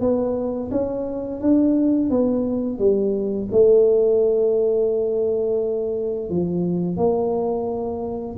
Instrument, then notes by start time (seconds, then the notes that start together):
tuba
0.00 B3
0.71 C#4
1.40 D4
2.10 B3
2.78 G3
3.51 A3
6.29 F3
6.96 A#3